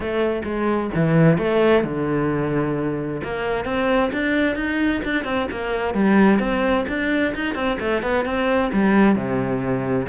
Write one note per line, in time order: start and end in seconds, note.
0.00 0.42 A3
0.44 0.90 G#3
0.95 1.38 E3
1.38 1.83 A3
1.83 3.21 D3
3.23 3.65 A#3
3.65 4.10 C4
4.12 4.55 D4
4.55 5.01 D#4
5.04 5.24 D4
5.24 5.47 C4
5.51 5.93 A#3
5.93 6.39 G3
6.39 6.85 C4
6.88 7.34 D4
7.34 7.54 D#4
7.54 7.77 C4
7.79 8.02 A3
8.02 8.25 B3
8.25 8.70 C4
8.73 9.15 G3
9.15 10.07 C3